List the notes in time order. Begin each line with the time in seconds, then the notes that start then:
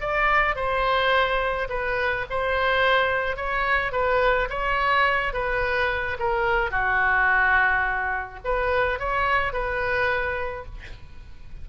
0.00 D5
0.56 C5
1.69 B4
2.30 C5
3.36 C#5
3.92 B4
4.50 C#5
5.33 B4
6.19 A#4
6.71 F#4
8.44 B4
8.99 C#5
9.53 B4